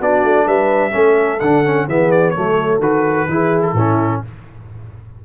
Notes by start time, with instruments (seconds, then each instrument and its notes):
0.00 tuba B3, trombone D4, horn F#4, trumpet D5
0.24 tuba A3
0.46 tuba G3, horn B4, trumpet E5
0.92 tuba A3, trombone C#4, horn A4
1.40 tuba D3, trombone D4, trumpet F#5
1.65 trombone C#4
1.88 tuba E3, trombone B3, horn G#4, trumpet E5
2.12 trumpet D5
2.31 trombone A3, horn A4, trumpet C#5
2.37 tuba F#3
2.80 tuba D#3, trombone F#4, trumpet B4
3.29 tuba E3, trombone E4, horn G#4
3.63 trumpet A4
3.73 tuba A2, trombone C#4, horn E4